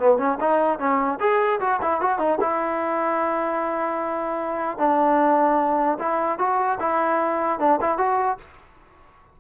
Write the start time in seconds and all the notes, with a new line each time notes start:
0.00 B3
0.18 C#4
0.41 D#4
0.79 C#4
1.20 G#4
1.61 F#4
1.82 E4
2.01 F#4
2.19 D#4
2.41 E4
4.79 D4
6.00 E4
6.39 F#4
6.80 E4
7.60 D4
7.81 E4
7.98 F#4